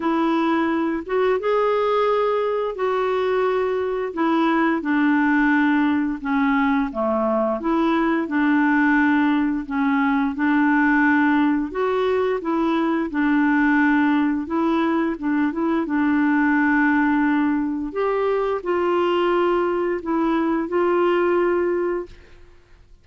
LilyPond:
\new Staff \with { instrumentName = "clarinet" } { \time 4/4 \tempo 4 = 87 e'4. fis'8 gis'2 | fis'2 e'4 d'4~ | d'4 cis'4 a4 e'4 | d'2 cis'4 d'4~ |
d'4 fis'4 e'4 d'4~ | d'4 e'4 d'8 e'8 d'4~ | d'2 g'4 f'4~ | f'4 e'4 f'2 | }